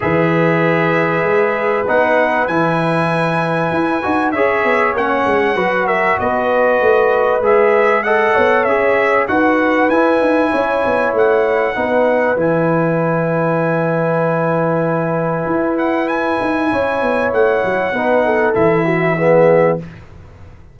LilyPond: <<
  \new Staff \with { instrumentName = "trumpet" } { \time 4/4 \tempo 4 = 97 e''2. fis''4 | gis''2. e''4 | fis''4. e''8 dis''2 | e''4 fis''4 e''4 fis''4 |
gis''2 fis''2 | gis''1~ | gis''4. fis''8 gis''2 | fis''2 e''2 | }
  \new Staff \with { instrumentName = "horn" } { \time 4/4 b'1~ | b'2. cis''4~ | cis''4 b'8 ais'8 b'2~ | b'4 dis''8 cis''4. b'4~ |
b'4 cis''2 b'4~ | b'1~ | b'2. cis''4~ | cis''4 b'8 a'4 fis'8 gis'4 | }
  \new Staff \with { instrumentName = "trombone" } { \time 4/4 gis'2. dis'4 | e'2~ e'8 fis'8 gis'4 | cis'4 fis'2. | gis'4 a'4 gis'4 fis'4 |
e'2. dis'4 | e'1~ | e'1~ | e'4 dis'4 e'4 b4 | }
  \new Staff \with { instrumentName = "tuba" } { \time 4/4 e2 gis4 b4 | e2 e'8 dis'8 cis'8 b8 | ais8 gis8 fis4 b4 a4 | gis4. b8 cis'4 dis'4 |
e'8 dis'8 cis'8 b8 a4 b4 | e1~ | e4 e'4. dis'8 cis'8 b8 | a8 fis8 b4 e2 | }
>>